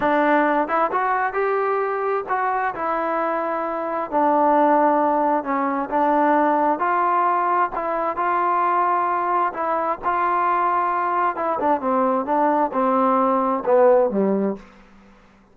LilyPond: \new Staff \with { instrumentName = "trombone" } { \time 4/4 \tempo 4 = 132 d'4. e'8 fis'4 g'4~ | g'4 fis'4 e'2~ | e'4 d'2. | cis'4 d'2 f'4~ |
f'4 e'4 f'2~ | f'4 e'4 f'2~ | f'4 e'8 d'8 c'4 d'4 | c'2 b4 g4 | }